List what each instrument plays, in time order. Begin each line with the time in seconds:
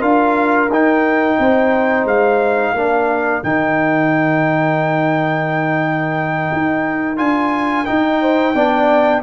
0.00 tuba D4, trombone F4, horn A#4, trumpet F5
0.69 tuba D#4, trombone D#4, trumpet G5
1.39 tuba C4, horn C5
2.05 tuba G#3, trumpet F5
2.74 tuba A#3, trombone D4, horn A#4
3.44 tuba D#3, trombone D#4, trumpet G5
6.53 tuba D#4
7.17 tuba D4, trombone F4, trumpet G#5
7.86 trombone D#4, tuba D#4, trumpet G5
8.21 horn C5
8.55 tuba B3, trombone D4, horn D5